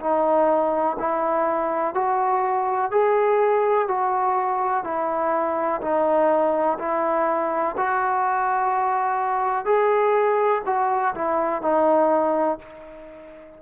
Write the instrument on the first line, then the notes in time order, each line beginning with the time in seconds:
trombone
0.00 D#4
0.99 E4
1.94 F#4
2.91 G#4
3.88 F#4
4.84 E4
5.81 D#4
6.79 E4
7.77 F#4
9.65 G#4
10.65 F#4
11.15 E4
11.62 D#4